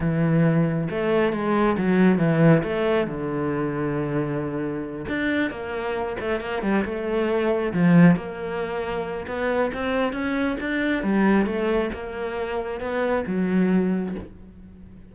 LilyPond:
\new Staff \with { instrumentName = "cello" } { \time 4/4 \tempo 4 = 136 e2 a4 gis4 | fis4 e4 a4 d4~ | d2.~ d8 d'8~ | d'8 ais4. a8 ais8 g8 a8~ |
a4. f4 ais4.~ | ais4 b4 c'4 cis'4 | d'4 g4 a4 ais4~ | ais4 b4 fis2 | }